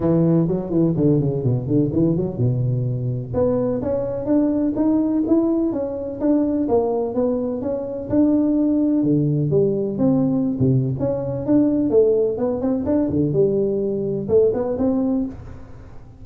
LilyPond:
\new Staff \with { instrumentName = "tuba" } { \time 4/4 \tempo 4 = 126 e4 fis8 e8 d8 cis8 b,8 d8 | e8 fis8 b,2 b4 | cis'4 d'4 dis'4 e'4 | cis'4 d'4 ais4 b4 |
cis'4 d'2 d4 | g4 c'4~ c'16 c8. cis'4 | d'4 a4 b8 c'8 d'8 d8 | g2 a8 b8 c'4 | }